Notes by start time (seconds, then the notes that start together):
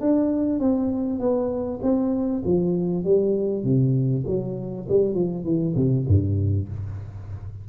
0.00 D4
0.59 C4
1.19 B3
1.82 C4
2.44 F3
3.04 G3
3.63 C3
4.26 F#3
4.88 G3
5.13 F3
5.44 E3
5.75 C3
6.07 G2